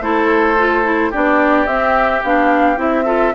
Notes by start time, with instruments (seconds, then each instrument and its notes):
0.00 bassoon A3, clarinet E4, oboe A4, flute C5
0.58 clarinet F4
0.83 clarinet E4
1.10 bassoon B3, clarinet D4, oboe G4, flute D5
1.66 bassoon C4, clarinet C4, flute E5
2.23 bassoon B3, clarinet D4, flute F5
2.76 bassoon C4, clarinet E4, flute E5
3.05 clarinet F4, oboe A4